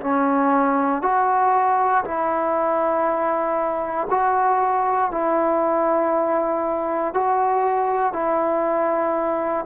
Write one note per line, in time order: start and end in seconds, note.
0.00 1.02 C#4
1.02 2.03 F#4
2.04 4.07 E4
4.10 5.11 F#4
5.11 7.13 E4
7.13 8.12 F#4
8.12 9.65 E4